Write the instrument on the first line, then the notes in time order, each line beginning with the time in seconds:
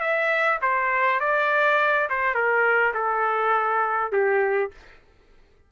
trumpet
0.00 E5
0.61 C5
1.20 D5
2.10 C5
2.34 A#4
2.94 A4
4.12 G4